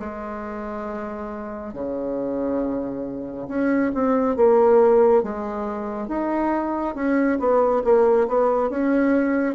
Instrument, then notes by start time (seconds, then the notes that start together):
bassoon
0.00 G#3
1.74 C#3
3.48 C#4
3.94 C4
4.37 A#3
5.24 G#3
6.08 D#4
6.95 C#4
7.40 B3
7.85 A#3
8.28 B3
8.70 C#4